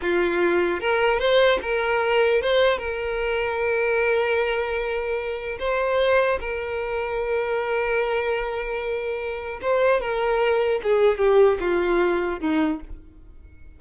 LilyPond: \new Staff \with { instrumentName = "violin" } { \time 4/4 \tempo 4 = 150 f'2 ais'4 c''4 | ais'2 c''4 ais'4~ | ais'1~ | ais'2 c''2 |
ais'1~ | ais'1 | c''4 ais'2 gis'4 | g'4 f'2 dis'4 | }